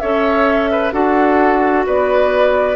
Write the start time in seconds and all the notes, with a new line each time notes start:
0.00 C#4 A4 C#5 E5
0.72 B4
0.93 D4 F#4 A4 F#5
1.87 B3 B4 D5